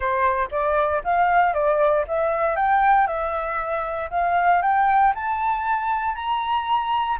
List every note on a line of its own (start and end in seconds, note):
0.00 0.48 C5
0.51 1.02 D5
1.03 1.53 F5
1.53 2.04 D5
2.07 2.56 E5
2.56 3.07 G5
3.07 4.09 E5
4.10 4.62 F5
4.62 5.13 G5
5.14 6.15 A5
6.15 7.17 A#5